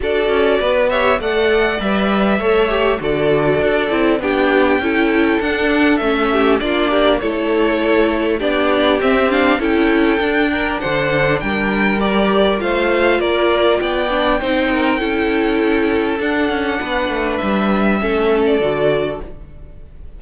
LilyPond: <<
  \new Staff \with { instrumentName = "violin" } { \time 4/4 \tempo 4 = 100 d''4. e''8 fis''4 e''4~ | e''4 d''2 g''4~ | g''4 fis''4 e''4 d''4 | cis''2 d''4 e''8 f''8 |
g''2 fis''4 g''4 | d''4 f''4 d''4 g''4~ | g''2. fis''4~ | fis''4 e''4.~ e''16 d''4~ d''16 | }
  \new Staff \with { instrumentName = "violin" } { \time 4/4 a'4 b'8 cis''8 d''2 | cis''4 a'2 g'4 | a'2~ a'8 g'8 f'8 g'8 | a'2 g'2 |
a'4. ais'8 c''4 ais'4~ | ais'4 c''4 ais'4 d''4 | c''8 ais'8 a'2. | b'2 a'2 | }
  \new Staff \with { instrumentName = "viola" } { \time 4/4 fis'4. g'8 a'4 b'4 | a'8 g'8 fis'4. e'8 d'4 | e'4 d'4 cis'4 d'4 | e'2 d'4 c'8 d'8 |
e'4 d'2. | g'4 f'2~ f'8 d'8 | dis'4 e'2 d'4~ | d'2 cis'4 fis'4 | }
  \new Staff \with { instrumentName = "cello" } { \time 4/4 d'8 cis'8 b4 a4 g4 | a4 d4 d'8 c'8 b4 | cis'4 d'4 a4 ais4 | a2 b4 c'4 |
cis'4 d'4 d4 g4~ | g4 a4 ais4 b4 | c'4 cis'2 d'8 cis'8 | b8 a8 g4 a4 d4 | }
>>